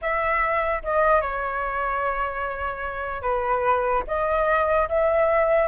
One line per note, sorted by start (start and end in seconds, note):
0.01 0.82 E5
0.83 1.21 D#5
1.21 3.22 C#5
3.22 4.03 B4
4.07 4.88 D#5
4.88 5.68 E5